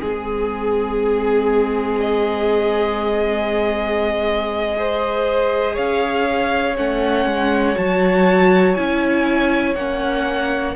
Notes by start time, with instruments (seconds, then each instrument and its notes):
0.00 cello G#3, viola C4, violin G#4
2.00 violin D#5
4.76 viola G#4, violin C5
5.74 cello C#4, violin C#5 F5
6.76 cello A3, viola C#4, violin F#5
7.26 cello G#3
7.75 cello F#3, viola F#4, violin A5
8.74 cello C#4, viola E4, violin G#5
9.75 cello A#3, viola C#4, violin F#5